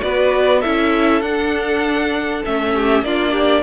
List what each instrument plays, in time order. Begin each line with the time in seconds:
0.00 cello B3, viola F#4, violin B4 D5
0.59 viola E4, violin A4 E5
0.65 cello C#4
1.21 cello D4, viola D4, violin F#5
2.44 cello A3, viola C#4, violin E5
2.74 violin G4
3.02 cello A#3, viola D4, violin F4 D5
3.32 violin G4